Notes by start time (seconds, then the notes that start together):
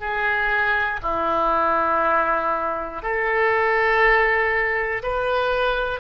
0.00 G#4
1.03 E4
3.03 A4
5.03 B4